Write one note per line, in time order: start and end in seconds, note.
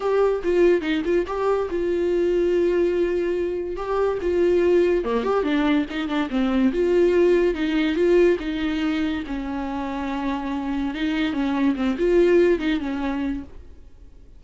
0.00 0.42 G4
0.43 0.81 F4
0.81 1.02 D#4
1.05 1.25 F4
1.26 1.68 G4
1.70 3.76 F4
3.76 4.18 G4
4.21 5.04 F4
5.04 5.23 A#3
5.23 5.43 G4
5.43 5.85 D4
5.90 6.08 D#4
6.08 6.29 D4
6.30 6.72 C4
6.72 7.54 F4
7.54 7.95 D#4
7.95 8.37 F4
8.39 9.23 D#4
9.27 10.94 C#4
10.94 11.33 D#4
11.33 11.75 C#4
11.75 11.96 C4
11.98 12.59 F4
12.59 12.80 D#4
12.80 13.43 C#4